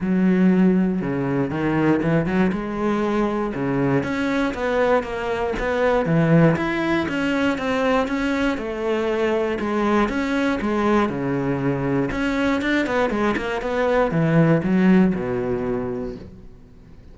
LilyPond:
\new Staff \with { instrumentName = "cello" } { \time 4/4 \tempo 4 = 119 fis2 cis4 dis4 | e8 fis8 gis2 cis4 | cis'4 b4 ais4 b4 | e4 e'4 cis'4 c'4 |
cis'4 a2 gis4 | cis'4 gis4 cis2 | cis'4 d'8 b8 gis8 ais8 b4 | e4 fis4 b,2 | }